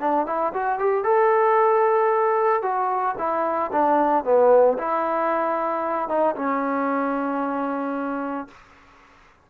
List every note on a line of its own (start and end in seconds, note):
0.00 0.26 D4
0.26 0.53 E4
0.54 0.79 F#4
0.79 1.04 G4
1.04 2.63 A4
2.63 3.16 F#4
3.18 3.71 E4
3.72 4.25 D4
4.25 4.78 B3
4.78 6.09 E4
6.09 6.35 D#4
6.35 8.48 C#4